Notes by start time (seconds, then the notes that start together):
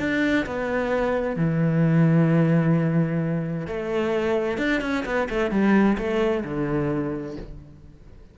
0.00 D4
0.47 B3
1.37 E3
3.68 A3
4.58 D4
4.82 C#4
5.06 B3
5.30 A3
5.51 G3
5.98 A3
6.45 D3